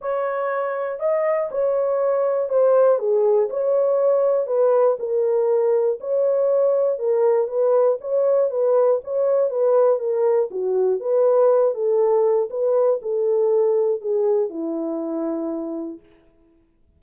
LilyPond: \new Staff \with { instrumentName = "horn" } { \time 4/4 \tempo 4 = 120 cis''2 dis''4 cis''4~ | cis''4 c''4 gis'4 cis''4~ | cis''4 b'4 ais'2 | cis''2 ais'4 b'4 |
cis''4 b'4 cis''4 b'4 | ais'4 fis'4 b'4. a'8~ | a'4 b'4 a'2 | gis'4 e'2. | }